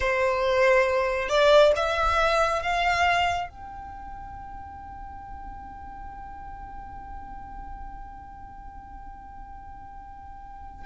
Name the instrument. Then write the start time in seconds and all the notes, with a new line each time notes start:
violin
0.00 C5
1.28 D5
1.76 E5
2.62 F5
3.49 G5